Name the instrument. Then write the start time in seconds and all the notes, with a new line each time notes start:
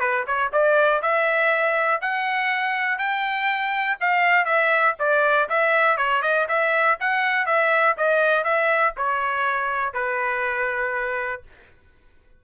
trumpet
0.00 B4
0.27 C#5
0.53 D5
1.02 E5
2.01 F#5
2.98 G5
4.00 F5
4.45 E5
4.99 D5
5.49 E5
5.97 C#5
6.22 D#5
6.48 E5
7.00 F#5
7.46 E5
7.97 D#5
8.44 E5
8.97 C#5
9.94 B4